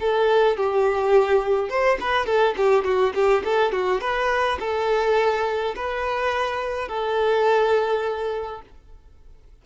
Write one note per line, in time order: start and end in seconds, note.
0.00 0.57 A4
0.57 1.69 G4
1.69 1.98 C5
2.01 2.26 B4
2.26 2.55 A4
2.57 2.85 G4
2.85 3.13 F#4
3.15 3.44 G4
3.45 3.72 A4
3.72 4.01 F#4
4.01 4.59 B4
4.60 5.75 A4
5.76 6.89 B4
6.89 8.62 A4